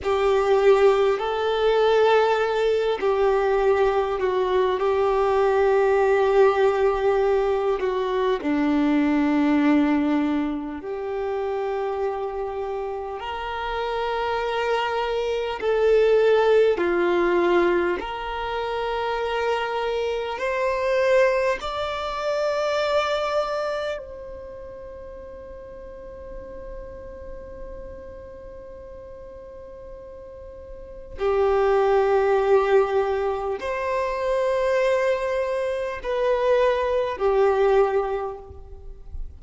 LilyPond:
\new Staff \with { instrumentName = "violin" } { \time 4/4 \tempo 4 = 50 g'4 a'4. g'4 fis'8 | g'2~ g'8 fis'8 d'4~ | d'4 g'2 ais'4~ | ais'4 a'4 f'4 ais'4~ |
ais'4 c''4 d''2 | c''1~ | c''2 g'2 | c''2 b'4 g'4 | }